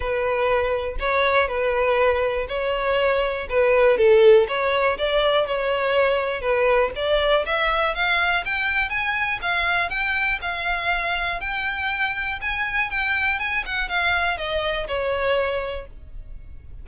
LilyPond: \new Staff \with { instrumentName = "violin" } { \time 4/4 \tempo 4 = 121 b'2 cis''4 b'4~ | b'4 cis''2 b'4 | a'4 cis''4 d''4 cis''4~ | cis''4 b'4 d''4 e''4 |
f''4 g''4 gis''4 f''4 | g''4 f''2 g''4~ | g''4 gis''4 g''4 gis''8 fis''8 | f''4 dis''4 cis''2 | }